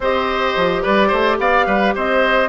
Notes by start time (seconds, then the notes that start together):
0.00 C4 G4 C5 D#5
0.56 F3
0.82 G3 B4 D5
1.08 A3 C5
1.38 B3 D5 F5
1.66 G3 B4
1.95 C4 C5 D#5